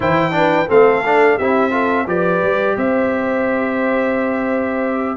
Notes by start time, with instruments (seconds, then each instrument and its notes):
0.00 tuba E3, trombone E4, horn C5, trumpet G5
0.31 trombone D4, horn B4
0.68 tuba A3, trombone C4, horn A4, trumpet F5
1.05 trombone D4
1.36 tuba C4, trombone E4, horn G4, trumpet E5
1.70 trombone F4, horn A4
2.06 tuba F3, trombone G4, horn B4, trumpet D5
2.42 tuba G3
2.76 tuba C4, horn C5, trumpet E5